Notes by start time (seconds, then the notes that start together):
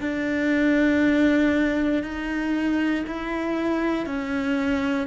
0.00 D4
2.03 D#4
3.07 E4
4.06 C#4